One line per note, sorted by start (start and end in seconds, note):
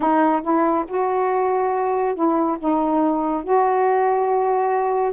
0.00 0.41 D#4
0.42 0.85 E4
0.87 2.14 F#4
2.14 2.57 E4
2.59 3.43 D#4
3.43 5.13 F#4